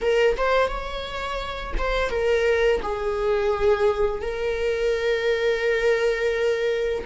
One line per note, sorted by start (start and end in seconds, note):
0.01 0.36 A#4
0.37 0.68 C5
0.68 1.74 C#5
1.77 2.10 C5
2.10 2.80 A#4
2.82 4.21 G#4
4.21 7.04 A#4